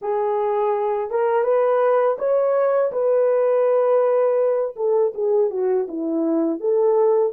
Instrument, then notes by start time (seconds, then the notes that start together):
horn
0.01 G#4
1.10 A#4
1.43 B4
2.18 C#5
2.92 B4
4.76 A4
5.14 G#4
5.50 F#4
5.88 E4
6.60 A4